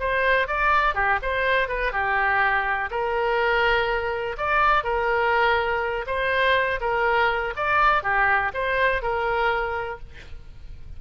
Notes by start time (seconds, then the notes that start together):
0.00 C5
0.48 D5
0.95 G4
1.22 C5
1.69 B4
1.93 G4
2.91 A#4
4.38 D5
4.84 A#4
6.07 C5
6.81 A#4
7.57 D5
8.03 G4
8.54 C5
9.02 A#4